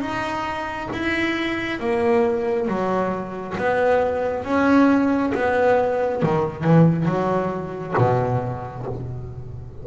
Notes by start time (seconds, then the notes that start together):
0.00 D#4
0.93 E4
1.79 A#3
2.68 F#3
3.57 B3
4.44 C#4
5.34 B3
6.22 D#3
6.63 E3
7.05 F#3
7.97 B2